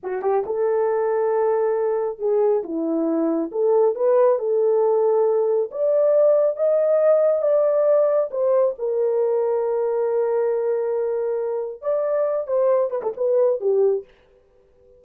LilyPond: \new Staff \with { instrumentName = "horn" } { \time 4/4 \tempo 4 = 137 fis'8 g'8 a'2.~ | a'4 gis'4 e'2 | a'4 b'4 a'2~ | a'4 d''2 dis''4~ |
dis''4 d''2 c''4 | ais'1~ | ais'2. d''4~ | d''8 c''4 b'16 a'16 b'4 g'4 | }